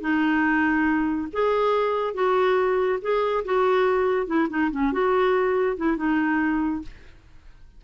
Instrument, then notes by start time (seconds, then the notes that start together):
clarinet
0.00 D#4
1.32 G#4
2.14 F#4
3.01 G#4
3.44 F#4
4.26 E4
4.49 D#4
4.71 C#4
4.92 F#4
5.76 E4
5.97 D#4